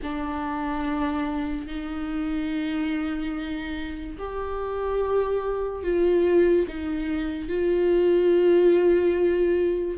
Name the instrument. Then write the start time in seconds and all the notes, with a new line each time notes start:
viola
0.02 D4
1.67 D#4
4.18 G4
5.83 F4
6.67 D#4
7.48 F4